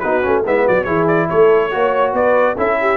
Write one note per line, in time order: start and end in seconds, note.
0.00 0.26 B3
0.00 0.23 D#4
0.00 0.45 F#4
0.00 0.43 B4
0.23 0.45 A3
0.23 0.44 C#4
0.45 0.67 G#3
0.45 0.86 B3
0.45 0.66 E4
0.45 0.68 E5
0.66 0.87 F#3
0.66 0.85 F#4
0.66 0.84 D5
0.84 1.30 E3
0.84 1.71 E4
0.84 1.27 G#4
0.84 1.06 C#5
1.08 1.29 D5
1.30 1.75 A3
1.30 1.73 A4
1.30 2.15 C#5
1.71 2.14 A#3
1.71 2.57 F#4
1.71 2.15 C#5
2.14 2.56 B3
2.14 2.56 B4
2.14 2.58 D5
2.56 2.98 C#4
2.56 2.98 E4
2.56 2.77 A4
2.56 2.98 E5
2.81 2.98 G4